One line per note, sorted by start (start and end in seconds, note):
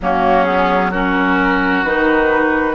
0.01 1.84 F#3
0.01 0.46 A#3
0.01 0.91 C#4
0.01 0.43 F#4
0.43 0.92 B3
0.43 0.89 G#4
0.91 1.85 C#4
0.91 2.74 F#4
0.91 1.84 A#4
1.84 2.74 D#3
1.84 2.74 D#4
1.84 2.74 B4